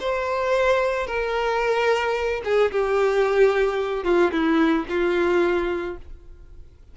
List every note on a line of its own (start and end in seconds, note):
0.00 1.07 C5
1.07 2.42 A#4
2.44 2.71 G#4
2.72 4.04 G4
4.04 4.31 F4
4.32 4.86 E4
4.89 5.97 F4